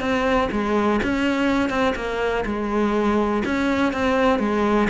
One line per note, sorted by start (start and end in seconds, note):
0.00 0.49 C4
0.52 1.00 G#3
1.03 1.69 C#4
1.69 1.94 C4
1.96 2.45 A#3
2.45 3.43 G#3
3.45 3.93 C#4
3.93 4.39 C4
4.39 4.88 G#3